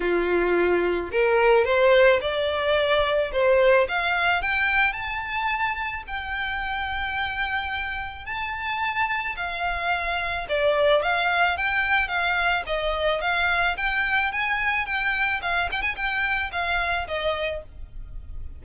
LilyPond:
\new Staff \with { instrumentName = "violin" } { \time 4/4 \tempo 4 = 109 f'2 ais'4 c''4 | d''2 c''4 f''4 | g''4 a''2 g''4~ | g''2. a''4~ |
a''4 f''2 d''4 | f''4 g''4 f''4 dis''4 | f''4 g''4 gis''4 g''4 | f''8 g''16 gis''16 g''4 f''4 dis''4 | }